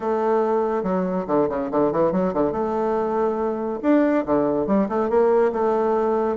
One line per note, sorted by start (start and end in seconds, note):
0.00 0.83 A3
0.83 1.25 F#3
1.27 1.48 D3
1.49 1.70 C#3
1.71 1.91 D3
1.91 2.12 E3
2.12 2.33 F#3
2.33 2.51 D3
2.51 3.79 A3
3.82 4.24 D4
4.25 4.67 D3
4.67 4.88 G3
4.88 5.09 A3
5.09 5.52 A#3
5.52 6.36 A3